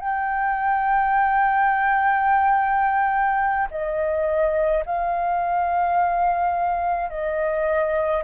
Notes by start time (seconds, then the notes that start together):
0.00 G5
3.70 D#5
4.86 F5
7.10 D#5